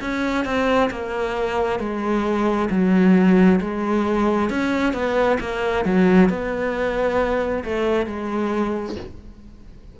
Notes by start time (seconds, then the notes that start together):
0.00 C#4
0.45 C4
0.90 A#3
1.79 G#3
2.70 F#3
3.60 G#3
4.49 C#4
4.93 B3
5.40 A#3
5.85 F#3
6.29 B3
7.64 A3
8.06 G#3